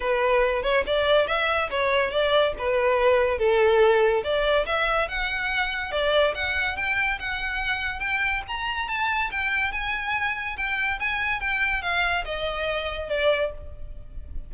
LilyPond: \new Staff \with { instrumentName = "violin" } { \time 4/4 \tempo 4 = 142 b'4. cis''8 d''4 e''4 | cis''4 d''4 b'2 | a'2 d''4 e''4 | fis''2 d''4 fis''4 |
g''4 fis''2 g''4 | ais''4 a''4 g''4 gis''4~ | gis''4 g''4 gis''4 g''4 | f''4 dis''2 d''4 | }